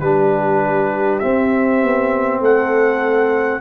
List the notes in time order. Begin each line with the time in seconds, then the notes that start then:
0.00 G3 D4 G4 B4
1.19 C4 E5
1.83 B3
2.40 A3 A4 F#5